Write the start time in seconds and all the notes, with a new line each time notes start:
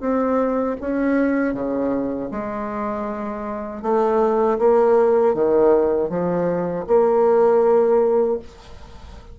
0.00 C4
0.80 C#4
1.53 C#3
2.31 G#3
3.82 A3
4.58 A#3
5.34 D#3
6.09 F3
6.87 A#3